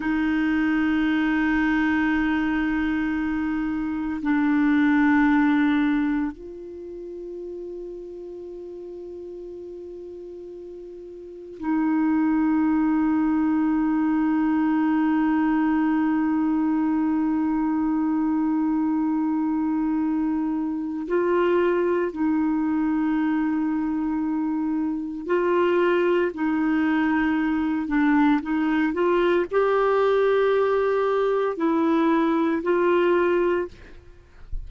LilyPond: \new Staff \with { instrumentName = "clarinet" } { \time 4/4 \tempo 4 = 57 dis'1 | d'2 f'2~ | f'2. dis'4~ | dis'1~ |
dis'1 | f'4 dis'2. | f'4 dis'4. d'8 dis'8 f'8 | g'2 e'4 f'4 | }